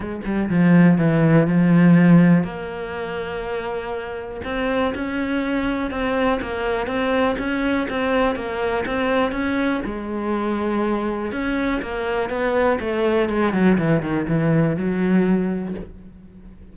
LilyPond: \new Staff \with { instrumentName = "cello" } { \time 4/4 \tempo 4 = 122 gis8 g8 f4 e4 f4~ | f4 ais2.~ | ais4 c'4 cis'2 | c'4 ais4 c'4 cis'4 |
c'4 ais4 c'4 cis'4 | gis2. cis'4 | ais4 b4 a4 gis8 fis8 | e8 dis8 e4 fis2 | }